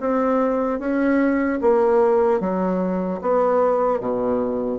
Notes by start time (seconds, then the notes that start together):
0.00 C4
0.79 C#4
1.61 A#3
2.40 F#3
3.21 B3
4.00 B2